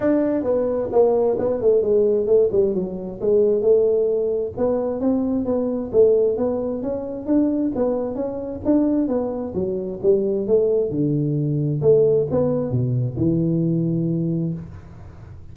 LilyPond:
\new Staff \with { instrumentName = "tuba" } { \time 4/4 \tempo 4 = 132 d'4 b4 ais4 b8 a8 | gis4 a8 g8 fis4 gis4 | a2 b4 c'4 | b4 a4 b4 cis'4 |
d'4 b4 cis'4 d'4 | b4 fis4 g4 a4 | d2 a4 b4 | b,4 e2. | }